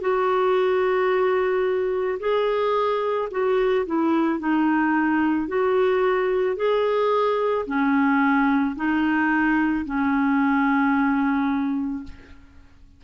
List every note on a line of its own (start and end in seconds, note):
0.00 2.18 F#4
2.19 3.28 G#4
3.31 3.85 F#4
3.86 4.39 E4
4.39 5.47 D#4
5.47 6.56 F#4
6.56 7.65 G#4
7.66 8.75 C#4
8.75 9.84 D#4
9.85 12.03 C#4